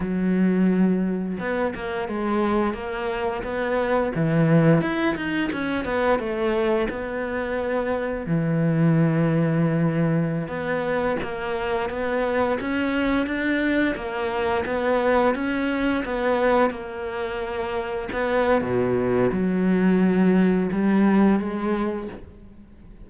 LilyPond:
\new Staff \with { instrumentName = "cello" } { \time 4/4 \tempo 4 = 87 fis2 b8 ais8 gis4 | ais4 b4 e4 e'8 dis'8 | cis'8 b8 a4 b2 | e2.~ e16 b8.~ |
b16 ais4 b4 cis'4 d'8.~ | d'16 ais4 b4 cis'4 b8.~ | b16 ais2 b8. b,4 | fis2 g4 gis4 | }